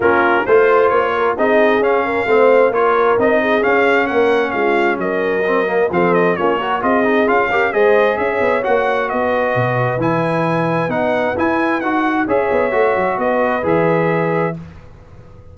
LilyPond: <<
  \new Staff \with { instrumentName = "trumpet" } { \time 4/4 \tempo 4 = 132 ais'4 c''4 cis''4 dis''4 | f''2 cis''4 dis''4 | f''4 fis''4 f''4 dis''4~ | dis''4 f''8 dis''8 cis''4 dis''4 |
f''4 dis''4 e''4 fis''4 | dis''2 gis''2 | fis''4 gis''4 fis''4 e''4~ | e''4 dis''4 e''2 | }
  \new Staff \with { instrumentName = "horn" } { \time 4/4 f'4 c''4. ais'8 gis'4~ | gis'8 ais'8 c''4 ais'4. gis'8~ | gis'4 ais'4 f'4 ais'4~ | ais'4 a'4 f'8 ais'8 gis'4~ |
gis'8 ais'8 c''4 cis''2 | b'1~ | b'2. cis''4~ | cis''4 b'2. | }
  \new Staff \with { instrumentName = "trombone" } { \time 4/4 cis'4 f'2 dis'4 | cis'4 c'4 f'4 dis'4 | cis'1 | c'8 ais8 c'4 cis'8 fis'8 f'8 dis'8 |
f'8 g'8 gis'2 fis'4~ | fis'2 e'2 | dis'4 e'4 fis'4 gis'4 | fis'2 gis'2 | }
  \new Staff \with { instrumentName = "tuba" } { \time 4/4 ais4 a4 ais4 c'4 | cis'4 a4 ais4 c'4 | cis'4 ais4 gis4 fis4~ | fis4 f4 ais4 c'4 |
cis'4 gis4 cis'8 b8 ais4 | b4 b,4 e2 | b4 e'4 dis'4 cis'8 b8 | a8 fis8 b4 e2 | }
>>